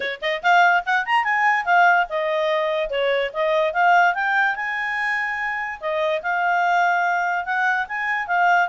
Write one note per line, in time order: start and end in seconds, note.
0.00 0.20 C#5
0.21 0.42 D#5
0.42 0.84 F5
0.85 1.05 F#5
1.05 1.24 A#5
1.24 1.65 G#5
1.65 2.06 F5
2.09 2.89 D#5
2.89 3.31 C#5
3.33 3.73 D#5
3.73 4.14 F5
4.14 4.55 G5
4.55 5.79 G#5
5.80 6.21 D#5
6.22 7.45 F5
7.45 7.86 F#5
7.88 8.27 G#5
8.27 8.68 F5